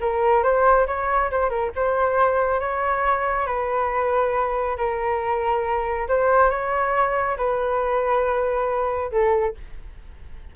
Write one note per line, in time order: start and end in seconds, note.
0.00 0.43 A#4
0.43 0.86 C5
0.87 1.30 C#5
1.30 1.49 C5
1.49 1.71 A#4
1.75 2.59 C5
2.59 3.46 C#5
3.46 4.77 B4
4.77 6.07 A#4
6.08 6.49 C5
6.49 7.36 C#5
7.37 9.11 B4
9.11 9.55 A4